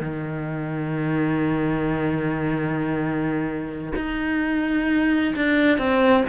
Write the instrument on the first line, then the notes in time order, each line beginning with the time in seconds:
cello
0.00 D#3
3.95 D#4
5.35 D4
5.78 C4